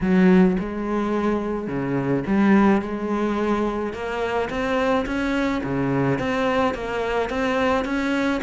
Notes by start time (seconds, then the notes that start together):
0.01 F#3
0.59 G#3
1.67 C#3
2.27 G3
2.81 G#3
3.93 A#3
4.49 C4
5.06 C#4
5.63 C#3
6.18 C4
6.74 A#3
7.29 C4
7.84 C#4